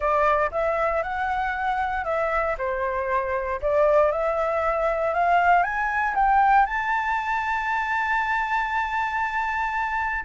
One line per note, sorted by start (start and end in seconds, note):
0.00 0.50 D5
0.51 1.02 E5
1.03 2.04 F#5
2.04 2.55 E5
2.58 3.60 C5
3.61 4.11 D5
4.11 5.14 E5
5.14 5.63 F5
5.63 6.14 G#5
6.14 6.65 G5
6.65 10.24 A5